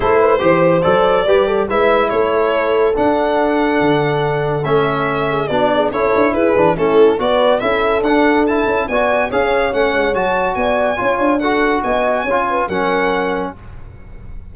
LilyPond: <<
  \new Staff \with { instrumentName = "violin" } { \time 4/4 \tempo 4 = 142 c''2 d''2 | e''4 cis''2 fis''4~ | fis''2. e''4~ | e''4 d''4 cis''4 b'4 |
a'4 d''4 e''4 fis''4 | a''4 gis''4 f''4 fis''4 | a''4 gis''2 fis''4 | gis''2 fis''2 | }
  \new Staff \with { instrumentName = "horn" } { \time 4/4 a'8 b'8 c''2 b'8 a'8 | b'4 a'2.~ | a'1~ | a'8 gis'8 fis'8 gis'8 a'4 gis'4 |
e'4 b'4 a'2~ | a'4 d''4 cis''2~ | cis''4 d''4 cis''4 a'4 | dis''4 cis''8 b'8 ais'2 | }
  \new Staff \with { instrumentName = "trombone" } { \time 4/4 e'4 g'4 a'4 g'4 | e'2. d'4~ | d'2. cis'4~ | cis'4 d'4 e'4. d'8 |
cis'4 fis'4 e'4 d'4 | e'4 fis'4 gis'4 cis'4 | fis'2 f'4 fis'4~ | fis'4 f'4 cis'2 | }
  \new Staff \with { instrumentName = "tuba" } { \time 4/4 a4 e4 fis4 g4 | gis4 a2 d'4~ | d'4 d2 a4~ | a4 b4 cis'8 d'8 e'8 e8 |
a4 b4 cis'4 d'4~ | d'8 cis'8 b4 cis'4 a8 gis8 | fis4 b4 cis'8 d'4. | b4 cis'4 fis2 | }
>>